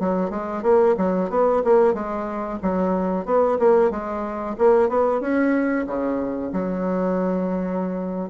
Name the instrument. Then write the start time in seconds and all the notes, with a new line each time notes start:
bassoon
0.00 F#3
0.31 G#3
0.63 A#3
0.98 F#3
1.30 B3
1.65 A#3
1.94 G#3
2.63 F#3
3.26 B3
3.59 A#3
3.91 G#3
4.59 A#3
4.89 B3
5.21 C#4
5.87 C#3
6.53 F#3